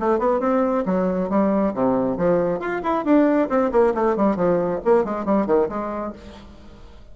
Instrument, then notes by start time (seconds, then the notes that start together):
bassoon
0.00 A3
0.19 B3
0.41 C4
0.86 F#3
1.30 G3
1.74 C3
2.18 F3
2.60 F4
2.83 E4
3.05 D4
3.50 C4
3.72 A#3
3.95 A3
4.17 G3
4.37 F3
4.85 A#3
5.05 G#3
5.26 G3
5.47 D#3
5.69 G#3